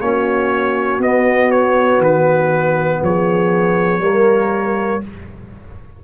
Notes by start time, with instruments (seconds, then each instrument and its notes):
0.00 tuba A#3, trombone C#4, horn F#4, trumpet C#5
0.98 tuba B3, trombone B3, trumpet D#5
1.51 trumpet C#5
1.98 tuba D#3, trumpet B4
3.02 tuba F3, horn G#4, trumpet C#5
3.99 tuba G3, trombone A#3, horn A#4